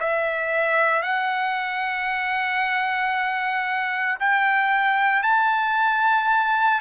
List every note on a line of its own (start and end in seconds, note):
0.00 1.02 E5
1.02 4.18 F#5
4.20 5.23 G5
5.23 6.81 A5